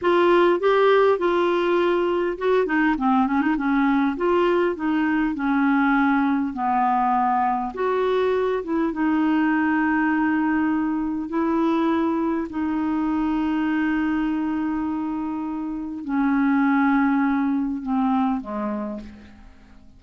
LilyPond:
\new Staff \with { instrumentName = "clarinet" } { \time 4/4 \tempo 4 = 101 f'4 g'4 f'2 | fis'8 dis'8 c'8 cis'16 dis'16 cis'4 f'4 | dis'4 cis'2 b4~ | b4 fis'4. e'8 dis'4~ |
dis'2. e'4~ | e'4 dis'2.~ | dis'2. cis'4~ | cis'2 c'4 gis4 | }